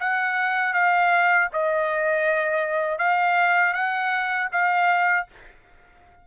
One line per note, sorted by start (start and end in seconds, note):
0.00 0.74 F#5
0.74 1.49 F5
1.53 2.99 D#5
2.99 3.74 F5
3.74 4.49 F#5
4.52 5.27 F5